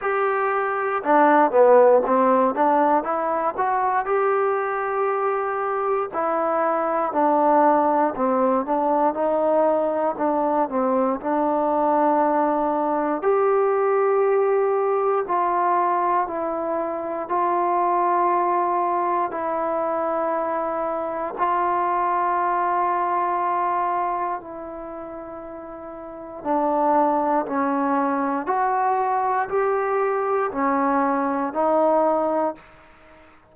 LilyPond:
\new Staff \with { instrumentName = "trombone" } { \time 4/4 \tempo 4 = 59 g'4 d'8 b8 c'8 d'8 e'8 fis'8 | g'2 e'4 d'4 | c'8 d'8 dis'4 d'8 c'8 d'4~ | d'4 g'2 f'4 |
e'4 f'2 e'4~ | e'4 f'2. | e'2 d'4 cis'4 | fis'4 g'4 cis'4 dis'4 | }